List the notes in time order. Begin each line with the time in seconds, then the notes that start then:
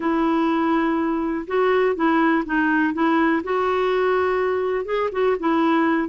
0.00 E4
1.47 F#4
1.95 E4
2.45 D#4
2.93 E4
3.43 F#4
4.85 G#4
5.12 F#4
5.39 E4